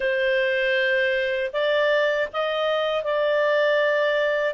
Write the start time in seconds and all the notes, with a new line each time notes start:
0.00 C5
1.52 D5
2.32 D#5
3.04 D5